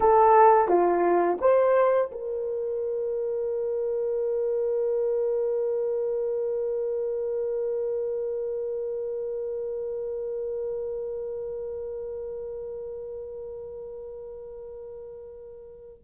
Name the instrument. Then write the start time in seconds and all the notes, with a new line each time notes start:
horn
0.00 A4
0.68 F4
1.40 C5
2.11 A#4